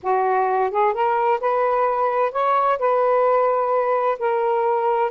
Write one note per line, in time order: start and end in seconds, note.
0.02 0.70 F#4
0.70 0.93 G#4
0.93 1.40 A#4
1.40 2.32 B4
2.32 2.78 C#5
2.79 4.18 B4
4.18 5.11 A#4